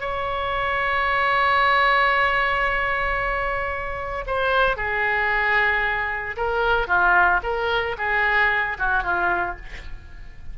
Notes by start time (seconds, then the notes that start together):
0.00 C#5
4.26 C5
4.76 G#4
6.36 A#4
6.87 F4
7.43 A#4
7.97 G#4
8.78 F#4
9.03 F4